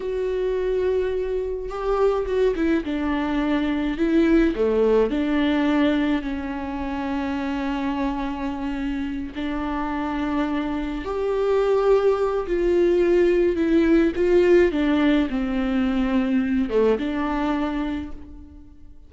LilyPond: \new Staff \with { instrumentName = "viola" } { \time 4/4 \tempo 4 = 106 fis'2. g'4 | fis'8 e'8 d'2 e'4 | a4 d'2 cis'4~ | cis'1~ |
cis'8 d'2. g'8~ | g'2 f'2 | e'4 f'4 d'4 c'4~ | c'4. a8 d'2 | }